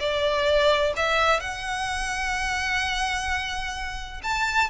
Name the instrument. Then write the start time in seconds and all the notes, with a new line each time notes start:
violin
0.00 D5
0.97 E5
1.41 F#5
4.23 A5